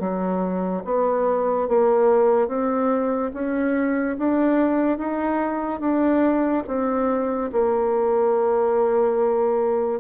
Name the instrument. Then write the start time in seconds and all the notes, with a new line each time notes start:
bassoon
0.00 F#3
0.85 B3
1.69 A#3
2.48 C4
3.34 C#4
4.19 D4
4.98 D#4
5.80 D4
6.68 C4
7.53 A#3